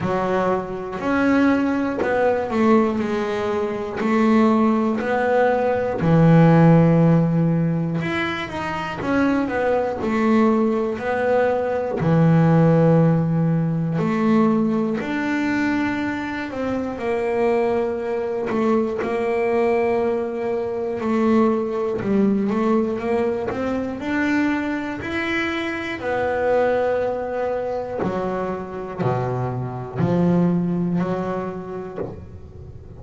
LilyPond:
\new Staff \with { instrumentName = "double bass" } { \time 4/4 \tempo 4 = 60 fis4 cis'4 b8 a8 gis4 | a4 b4 e2 | e'8 dis'8 cis'8 b8 a4 b4 | e2 a4 d'4~ |
d'8 c'8 ais4. a8 ais4~ | ais4 a4 g8 a8 ais8 c'8 | d'4 e'4 b2 | fis4 b,4 f4 fis4 | }